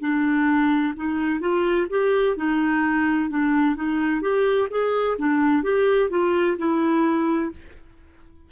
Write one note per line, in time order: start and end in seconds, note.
0.00 0.94 D4
0.96 1.40 D#4
1.40 1.87 F4
1.90 2.37 G4
2.37 3.29 D#4
3.29 3.75 D4
3.75 4.21 D#4
4.21 4.68 G4
4.70 5.17 G#4
5.18 5.63 D4
5.63 6.10 G4
6.10 6.57 F4
6.58 7.51 E4